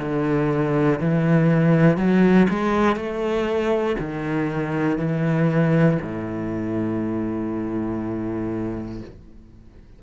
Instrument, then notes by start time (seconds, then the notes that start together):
cello
0.00 D3
1.00 E3
1.98 F#3
2.50 G#3
2.96 A3
3.99 D#3
4.98 E3
6.02 A2